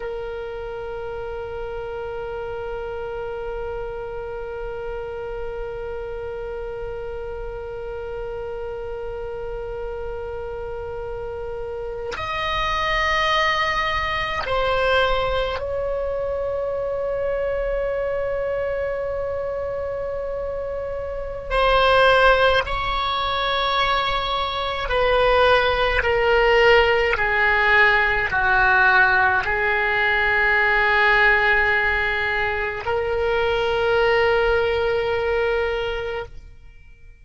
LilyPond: \new Staff \with { instrumentName = "oboe" } { \time 4/4 \tempo 4 = 53 ais'1~ | ais'1~ | ais'2~ ais'8. dis''4~ dis''16~ | dis''8. c''4 cis''2~ cis''16~ |
cis''2. c''4 | cis''2 b'4 ais'4 | gis'4 fis'4 gis'2~ | gis'4 ais'2. | }